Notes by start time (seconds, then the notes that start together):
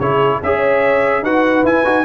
0.00 C#3 E4 G#4 C#5
0.43 C#4 G#4 C#5 E5
1.22 D#4 F#4 B4 F#5
1.64 E4 G#5
1.85 D#4 F#4